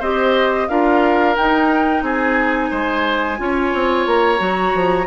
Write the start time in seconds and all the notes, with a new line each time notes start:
0.00 C4 G4 C5 D#5
0.69 D4 F4 A#4 F5
1.35 D#4 G5
2.02 C4 G#4 G#5
2.70 G#3 C5
3.38 C#4 F4 C#5
3.74 C4
4.07 A#3 A#5
4.38 F#3 F#4
4.74 F3